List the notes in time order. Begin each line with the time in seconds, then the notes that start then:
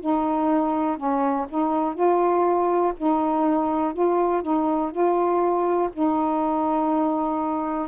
0.00 D#4
0.97 C#4
1.48 D#4
1.94 F4
2.97 D#4
3.93 F4
4.42 D#4
4.91 F4
5.93 D#4